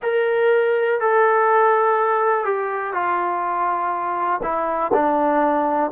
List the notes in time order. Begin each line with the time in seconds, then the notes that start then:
0.02 A#4
1.00 A4
2.45 G4
2.93 F4
4.42 E4
4.93 D4